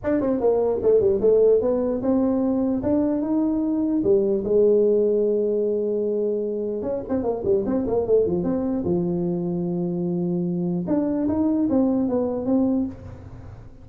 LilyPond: \new Staff \with { instrumentName = "tuba" } { \time 4/4 \tempo 4 = 149 d'8 c'8 ais4 a8 g8 a4 | b4 c'2 d'4 | dis'2 g4 gis4~ | gis1~ |
gis4 cis'8 c'8 ais8 g8 c'8 ais8 | a8 f8 c'4 f2~ | f2. d'4 | dis'4 c'4 b4 c'4 | }